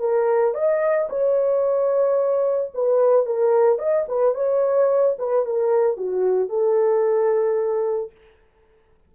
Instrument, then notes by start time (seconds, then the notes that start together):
horn
0.00 A#4
0.54 D#5
1.10 C#5
2.74 B4
3.26 A#4
3.79 D#5
4.08 B4
4.35 C#5
5.19 B4
5.45 A#4
5.97 F#4
6.49 A4